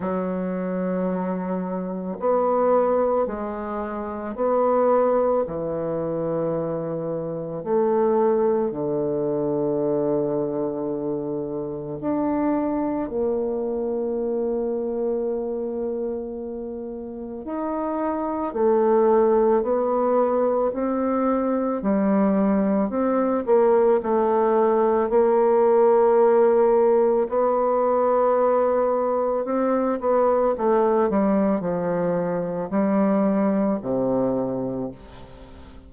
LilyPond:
\new Staff \with { instrumentName = "bassoon" } { \time 4/4 \tempo 4 = 55 fis2 b4 gis4 | b4 e2 a4 | d2. d'4 | ais1 |
dis'4 a4 b4 c'4 | g4 c'8 ais8 a4 ais4~ | ais4 b2 c'8 b8 | a8 g8 f4 g4 c4 | }